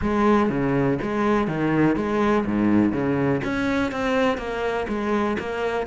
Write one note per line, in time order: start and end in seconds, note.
0.01 0.49 G#3
0.49 0.98 C#3
1.02 1.47 G#3
1.47 1.95 D#3
1.95 2.44 G#3
2.45 2.92 G#2
2.92 3.41 C#3
3.44 3.91 C#4
3.91 4.37 C4
4.37 4.86 A#3
4.88 5.37 G#3
5.39 5.86 A#3